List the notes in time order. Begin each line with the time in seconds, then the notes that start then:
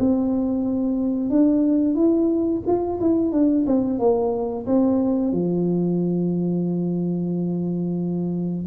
0.00 C4
1.30 D4
1.95 E4
2.67 F4
3.01 E4
3.32 D4
3.67 C4
3.99 A#3
4.66 C4
5.33 F3